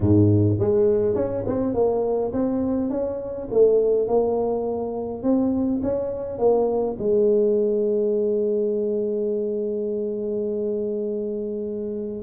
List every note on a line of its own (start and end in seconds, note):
0.00 0.58 G#2
0.59 1.15 G#3
1.15 1.44 C#4
1.46 1.74 C4
1.74 2.32 A#3
2.32 2.90 C4
2.90 3.48 C#4
3.51 4.07 A3
4.07 5.23 A#3
5.23 5.81 C4
5.83 6.38 C#4
6.38 6.96 A#3
6.98 12.22 G#3